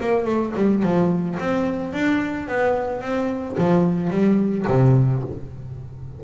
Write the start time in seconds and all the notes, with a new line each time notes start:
0.00 A#3
0.25 A3
0.55 G3
0.83 F3
1.39 C4
1.92 D4
2.47 B3
3.01 C4
3.57 F3
4.10 G3
4.67 C3